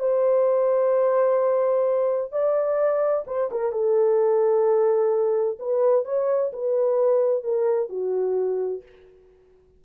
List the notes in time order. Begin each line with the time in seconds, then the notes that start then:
0.00 C5
2.32 D5
3.27 C5
3.52 A#4
3.73 A4
5.60 B4
6.05 C#5
6.53 B4
7.44 A#4
7.90 F#4